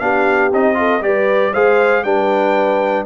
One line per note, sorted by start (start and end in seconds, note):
0.00 0.52 B3
0.00 0.51 D4
0.00 0.78 G4
0.00 0.51 F5
0.52 1.01 C4
0.52 0.75 D#4
0.52 1.03 D#5
0.75 1.00 F4
0.75 1.04 A4
1.01 1.52 G3
1.01 1.54 G4
1.01 1.52 B4
1.01 1.54 D5
1.52 2.03 G#3
1.52 2.05 G#4
1.52 2.04 C5
1.52 2.04 F5
2.03 3.06 G3
2.03 3.06 D4
2.03 3.06 B4
2.03 3.06 G5